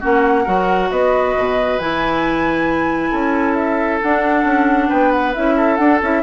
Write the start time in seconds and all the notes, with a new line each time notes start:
0.00 A#3 C#4 F#4 F#5
0.44 F#3 F#4 A#4
0.91 B3 B4 D#5
1.37 B2
1.79 E3 E4 G#5
3.11 C#4 A4
3.54 E5
4.02 D4 F#5
4.44 C#4
4.89 B3 B4 G5
5.11 F#5
5.34 C#4 E4 E5
5.57 A4
5.77 D4 F#5
6.02 C#4 E4 E5